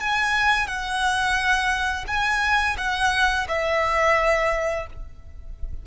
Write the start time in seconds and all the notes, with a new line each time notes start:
0.00 G#5
0.67 F#5
2.08 G#5
2.78 F#5
3.49 E5